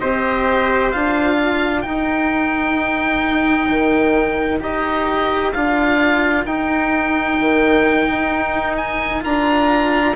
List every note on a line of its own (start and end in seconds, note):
0.00 0.94 C4
0.00 0.93 G4
0.00 1.36 C5
0.00 0.92 D#5
0.92 1.86 D4
0.92 1.85 F4
0.92 1.82 F5
1.36 10.13 A#4
1.82 4.61 D#4
1.82 3.70 D#4
1.82 4.59 G5
3.70 4.61 D#3
4.61 5.53 D#4
4.61 5.53 G4
4.61 5.52 D#5
5.52 6.46 D4
5.52 6.47 F4
5.52 6.45 F5
6.46 7.38 D#4
6.46 9.21 D#4
6.46 8.77 G5
7.40 8.09 D#3
8.09 9.24 D#4
8.77 9.23 G#5
9.21 10.16 D4
9.21 10.13 F4
9.21 10.16 A#5